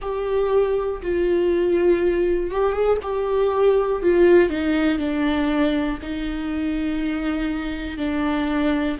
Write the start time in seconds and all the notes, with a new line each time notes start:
0.01 G4
1.02 F4
2.50 G4
2.72 G#4
3.02 G4
4.02 F4
4.49 D#4
4.98 D4
6.02 D#4
7.97 D4